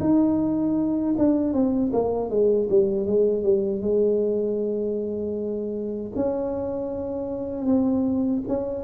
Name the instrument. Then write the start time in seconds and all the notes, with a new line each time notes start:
tuba
0.00 D#4
1.18 D4
1.53 C4
1.93 A#3
2.30 G#3
2.70 G3
3.07 G#3
3.44 G3
3.81 G#3
6.16 C#4
7.66 C4
8.48 C#4